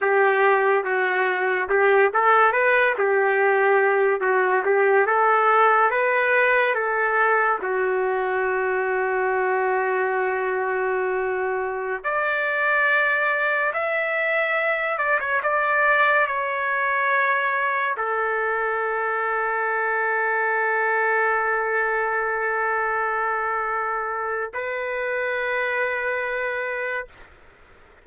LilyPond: \new Staff \with { instrumentName = "trumpet" } { \time 4/4 \tempo 4 = 71 g'4 fis'4 g'8 a'8 b'8 g'8~ | g'4 fis'8 g'8 a'4 b'4 | a'4 fis'2.~ | fis'2~ fis'16 d''4.~ d''16~ |
d''16 e''4. d''16 cis''16 d''4 cis''8.~ | cis''4~ cis''16 a'2~ a'8.~ | a'1~ | a'4 b'2. | }